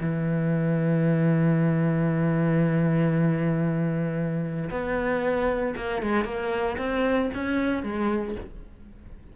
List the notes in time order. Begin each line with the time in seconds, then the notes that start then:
0.00 E3
4.70 B3
5.76 A#3
6.02 G#3
6.25 A#3
6.78 C4
7.34 C#4
7.83 G#3